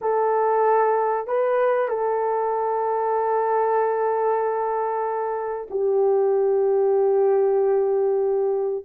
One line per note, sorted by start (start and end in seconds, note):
0.01 1.27 A4
1.27 1.88 B4
1.88 5.67 A4
5.70 8.84 G4